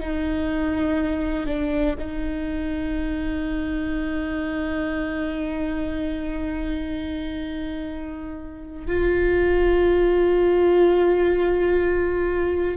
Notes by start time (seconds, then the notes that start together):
0.00 D#4
1.46 D4
1.98 D#4
8.87 F4